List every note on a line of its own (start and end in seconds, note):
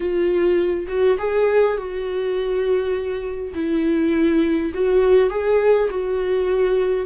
0.00 0.87 F4
0.88 1.17 F#4
1.18 1.77 G#4
1.77 3.53 F#4
3.54 4.72 E4
4.74 5.30 F#4
5.30 5.89 G#4
5.90 7.06 F#4